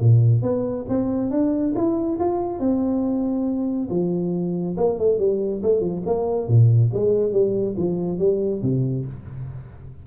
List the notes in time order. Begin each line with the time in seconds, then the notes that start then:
0.00 A#2
0.43 B3
0.89 C4
1.31 D4
1.76 E4
2.20 F4
2.60 C4
3.90 F3
4.77 A#3
4.99 A3
5.19 G3
5.63 A3
5.81 F3
6.06 A#3
6.48 A#2
6.94 G#3
7.33 G3
7.77 F3
8.19 G3
8.63 C3